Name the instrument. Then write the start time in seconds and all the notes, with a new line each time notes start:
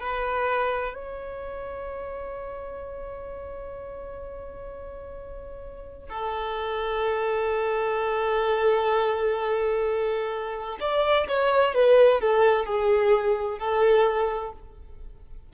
violin
0.00 B4
0.94 C#5
6.09 A4
10.80 D5
11.28 C#5
11.74 B4
12.20 A4
12.65 G#4
13.58 A4